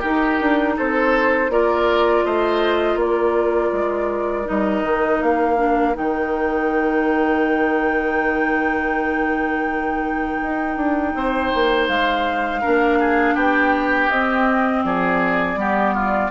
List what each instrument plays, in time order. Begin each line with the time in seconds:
0.00 clarinet D#4, bassoon D#4, oboe G4, flute A#4
0.41 bassoon D4
0.77 bassoon C4, oboe A4, flute C5
1.50 bassoon A#3, clarinet F4, oboe A#4, flute D5
2.25 bassoon A3, oboe C5, flute D#5
2.96 bassoon A#3, oboe A#4, flute D5
3.73 bassoon G#3
4.45 bassoon G3, clarinet D#4, flute D#5
4.83 bassoon D#3
5.22 bassoon A#3, flute F5
5.57 clarinet D4
5.94 bassoon D#3, clarinet D#4, flute G5
10.43 bassoon D#4
10.77 bassoon D4
11.15 bassoon C4, oboe C5
11.55 bassoon A#3
11.89 bassoon G#3, flute F5
12.61 bassoon A#3, clarinet D4, oboe A#4
13.00 oboe G#4
13.35 bassoon B3, oboe G4, flute G5
14.10 bassoon C4, clarinet C4, flute D#5
14.84 bassoon F3, oboe G#4, flute D5
15.55 bassoon G3, clarinet B3, oboe G4
15.95 oboe F4